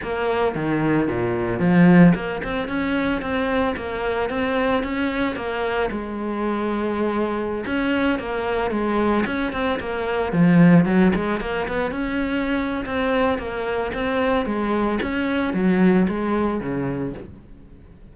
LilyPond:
\new Staff \with { instrumentName = "cello" } { \time 4/4 \tempo 4 = 112 ais4 dis4 ais,4 f4 | ais8 c'8 cis'4 c'4 ais4 | c'4 cis'4 ais4 gis4~ | gis2~ gis16 cis'4 ais8.~ |
ais16 gis4 cis'8 c'8 ais4 f8.~ | f16 fis8 gis8 ais8 b8 cis'4.~ cis'16 | c'4 ais4 c'4 gis4 | cis'4 fis4 gis4 cis4 | }